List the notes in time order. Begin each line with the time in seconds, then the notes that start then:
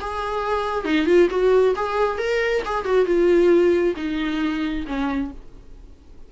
0.00 G#4
0.85 D#4
1.06 F4
1.29 F#4
1.75 G#4
2.18 A#4
2.65 G#4
2.84 F#4
3.05 F4
3.96 D#4
4.87 C#4